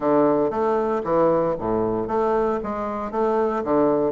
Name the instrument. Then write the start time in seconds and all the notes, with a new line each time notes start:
bassoon
0.00 D3
0.50 A3
1.03 E3
1.58 A2
2.07 A3
2.63 G#3
3.11 A3
3.63 D3